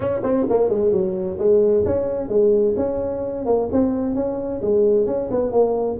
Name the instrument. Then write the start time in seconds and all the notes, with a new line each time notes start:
tuba
0.00 C#4
0.23 C4
0.49 A#3
0.69 G#3
0.91 F#3
1.38 G#3
1.85 C#4
2.28 G#3
2.76 C#4
3.45 A#3
3.72 C4
4.15 C#4
4.61 G#3
5.06 C#4
5.31 B3
5.51 A#3